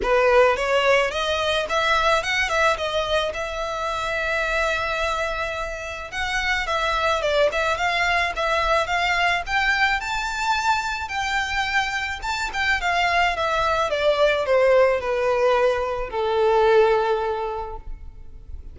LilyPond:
\new Staff \with { instrumentName = "violin" } { \time 4/4 \tempo 4 = 108 b'4 cis''4 dis''4 e''4 | fis''8 e''8 dis''4 e''2~ | e''2. fis''4 | e''4 d''8 e''8 f''4 e''4 |
f''4 g''4 a''2 | g''2 a''8 g''8 f''4 | e''4 d''4 c''4 b'4~ | b'4 a'2. | }